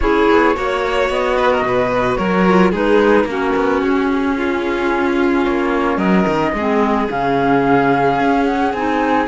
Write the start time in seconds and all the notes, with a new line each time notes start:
0.00 C#4 E4 G#4 C#5
0.30 B3
0.54 A#3 F#4 C#5
1.09 B3 D#5
1.37 B4
1.50 A#4
1.62 B2 B4
2.15 F#3 A#4 C#5
2.47 F4
2.71 G#3 D#4 G#4 B4
3.24 A#3 C#4 A#4
3.30 F#4
3.55 B3
3.82 C#4 G#4
4.36 F4
5.44 A#3 C#5
5.97 F#3 A#4 D#5
6.27 D#3
6.53 G#3 C4 G#4
7.08 C#3 C#4 F5
8.19 C#4
8.45 F#5
8.73 C4 D#4 G#5